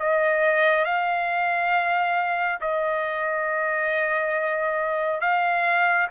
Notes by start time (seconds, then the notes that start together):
0.00 D#5
0.85 F5
2.61 D#5
5.21 F5